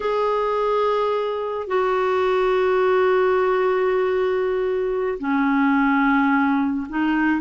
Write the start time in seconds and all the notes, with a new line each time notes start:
0.00 G#4
1.67 F#4
5.18 C#4
6.89 D#4